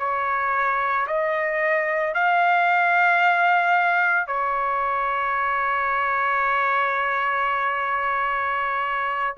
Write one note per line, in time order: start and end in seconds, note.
0.00 1.07 C#5
1.08 2.15 D#5
2.15 4.27 F5
4.27 9.36 C#5